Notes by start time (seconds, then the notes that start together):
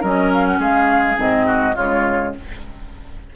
0.00 F#3 C#4 A#4 D#5
0.33 F5
0.45 F#5
0.58 G#3 G#4 F5
1.16 G#2 C4 D#5
1.46 F#4
1.75 C#3 G#3 F4 C#5